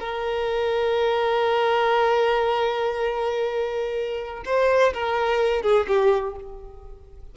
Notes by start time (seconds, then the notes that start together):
0.00 A#4
4.46 C5
4.94 A#4
5.63 G#4
5.88 G4